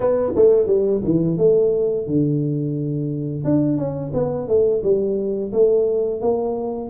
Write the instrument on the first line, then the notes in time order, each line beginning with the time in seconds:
tuba
0.00 B3
0.35 A3
0.66 G3
1.04 E3
1.37 A3
2.07 D3
3.44 D4
3.77 C#4
4.13 B3
4.47 A3
4.83 G3
5.52 A3
6.21 A#3